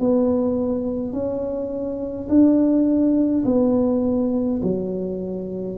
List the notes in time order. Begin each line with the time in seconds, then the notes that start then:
0.00 B3
1.13 C#4
2.29 D4
3.46 B3
4.63 F#3